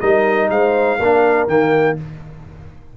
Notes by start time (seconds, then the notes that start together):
0.00 G3 D#4 A#4 D#5
0.50 G#3 C5 F5
0.98 A#3 D4 A#4
1.48 D#3 A#3 G5